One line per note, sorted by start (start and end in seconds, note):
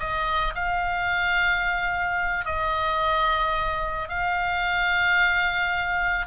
0.00 0.55 D#5
0.55 2.45 F5
2.45 4.09 D#5
4.09 6.27 F5